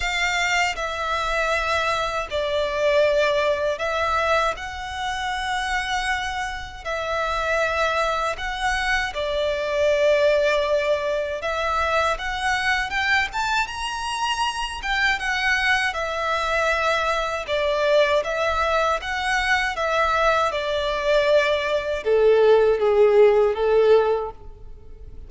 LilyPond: \new Staff \with { instrumentName = "violin" } { \time 4/4 \tempo 4 = 79 f''4 e''2 d''4~ | d''4 e''4 fis''2~ | fis''4 e''2 fis''4 | d''2. e''4 |
fis''4 g''8 a''8 ais''4. g''8 | fis''4 e''2 d''4 | e''4 fis''4 e''4 d''4~ | d''4 a'4 gis'4 a'4 | }